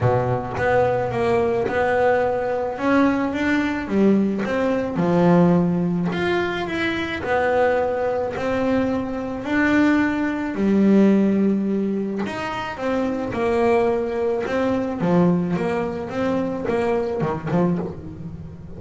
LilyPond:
\new Staff \with { instrumentName = "double bass" } { \time 4/4 \tempo 4 = 108 b,4 b4 ais4 b4~ | b4 cis'4 d'4 g4 | c'4 f2 f'4 | e'4 b2 c'4~ |
c'4 d'2 g4~ | g2 dis'4 c'4 | ais2 c'4 f4 | ais4 c'4 ais4 dis8 f8 | }